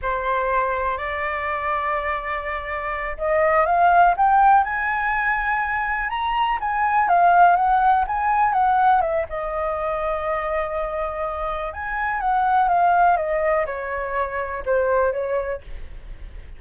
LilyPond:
\new Staff \with { instrumentName = "flute" } { \time 4/4 \tempo 4 = 123 c''2 d''2~ | d''2~ d''8 dis''4 f''8~ | f''8 g''4 gis''2~ gis''8~ | gis''8 ais''4 gis''4 f''4 fis''8~ |
fis''8 gis''4 fis''4 e''8 dis''4~ | dis''1 | gis''4 fis''4 f''4 dis''4 | cis''2 c''4 cis''4 | }